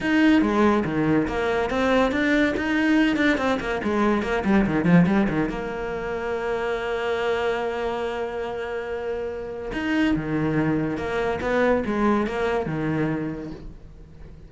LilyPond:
\new Staff \with { instrumentName = "cello" } { \time 4/4 \tempo 4 = 142 dis'4 gis4 dis4 ais4 | c'4 d'4 dis'4. d'8 | c'8 ais8 gis4 ais8 g8 dis8 f8 | g8 dis8 ais2.~ |
ais1~ | ais2. dis'4 | dis2 ais4 b4 | gis4 ais4 dis2 | }